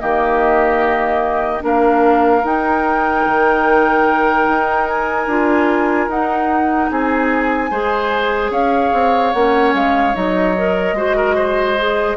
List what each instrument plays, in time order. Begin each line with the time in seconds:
0.00 bassoon D#3, clarinet A#3, oboe G4, flute D#5
1.61 bassoon A#3, clarinet D4, oboe A#4, flute F5
2.44 bassoon D#4, clarinet D#4, flute G5
3.27 bassoon D#3
4.48 bassoon D#4
4.87 flute G#5
5.27 bassoon D4, clarinet F4
6.08 bassoon D#4, clarinet D#4, flute F#5
6.91 bassoon C4, oboe G#4, flute G#5
7.71 bassoon G#3, clarinet G#4, oboe C5
8.51 bassoon C#4, oboe C#5, flute F5
8.93 bassoon C4
9.33 bassoon A#3, clarinet C#4, flute F#5
9.74 bassoon G#3, flute F5
10.14 bassoon F#3, clarinet D#4, flute D#5
10.58 clarinet A#4
10.93 bassoon G#3, clarinet F#4, oboe C5
11.17 oboe A#4
11.36 oboe C5
11.78 clarinet G#4